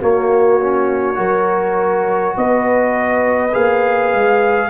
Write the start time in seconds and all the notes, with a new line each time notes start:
0.00 A#3 F#4 C#5
0.61 C#4
1.15 F#3 F#4 A#4
2.37 B3 B4 D#5
3.53 A#3 G#4 F5
4.14 G#3